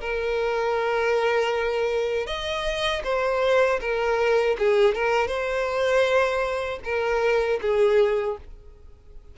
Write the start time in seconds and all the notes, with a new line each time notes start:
0.00 A#4
2.26 D#5
3.03 C5
3.80 A#4
4.58 G#4
4.94 A#4
5.27 C5
6.84 A#4
7.61 G#4